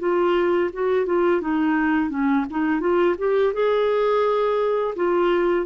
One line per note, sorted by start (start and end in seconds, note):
0.00 0.71 F4
0.73 1.07 F#4
1.07 1.41 F4
1.41 2.10 D#4
2.10 2.46 C#4
2.51 2.81 D#4
2.81 3.16 F4
3.18 3.54 G4
3.54 4.95 G#4
4.96 5.66 F4